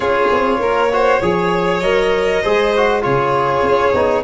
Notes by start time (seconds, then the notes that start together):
0.00 C#4 F4 G#4 C#5
0.32 C4
0.58 A#3 A#4
0.92 F#4 C5
1.21 F3 G#4 C#5
1.80 F#3 A#4 D#5
2.42 G#3 G#4 C5
2.76 F#4
3.01 C#3 F4 G#4 C#5
3.62 C#4
3.93 B3 D#4